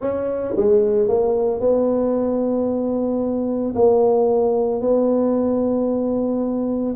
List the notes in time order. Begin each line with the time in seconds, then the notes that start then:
0.01 C#4
0.56 G#3
1.08 A#3
1.60 B3
3.75 A#3
4.81 B3